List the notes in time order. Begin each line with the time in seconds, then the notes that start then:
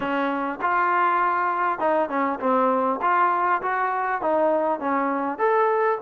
0.00 C#4
0.61 F4
1.79 D#4
2.09 C#4
2.39 C4
3.01 F4
3.62 F#4
4.21 D#4
4.79 C#4
5.38 A4